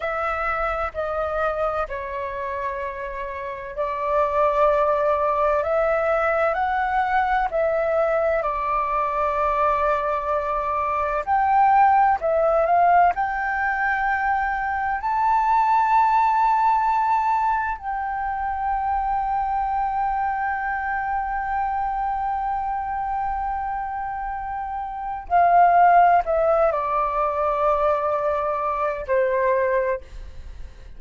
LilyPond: \new Staff \with { instrumentName = "flute" } { \time 4/4 \tempo 4 = 64 e''4 dis''4 cis''2 | d''2 e''4 fis''4 | e''4 d''2. | g''4 e''8 f''8 g''2 |
a''2. g''4~ | g''1~ | g''2. f''4 | e''8 d''2~ d''8 c''4 | }